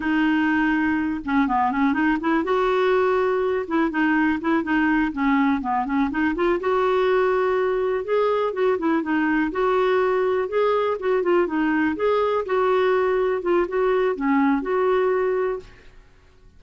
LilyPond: \new Staff \with { instrumentName = "clarinet" } { \time 4/4 \tempo 4 = 123 dis'2~ dis'8 cis'8 b8 cis'8 | dis'8 e'8 fis'2~ fis'8 e'8 | dis'4 e'8 dis'4 cis'4 b8 | cis'8 dis'8 f'8 fis'2~ fis'8~ |
fis'8 gis'4 fis'8 e'8 dis'4 fis'8~ | fis'4. gis'4 fis'8 f'8 dis'8~ | dis'8 gis'4 fis'2 f'8 | fis'4 cis'4 fis'2 | }